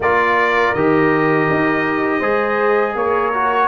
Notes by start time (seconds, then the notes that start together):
0.00 A#3 F4 A#4 D5
0.74 D#3 G4 D#5
1.50 D#4
2.19 G#3 G#4 C5
2.94 A#3 A#4 C#5
3.33 F#4